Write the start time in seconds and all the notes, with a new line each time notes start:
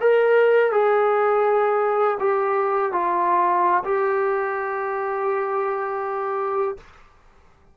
0.00 A#4
0.72 G#4
2.19 G4
2.92 F4
3.84 G4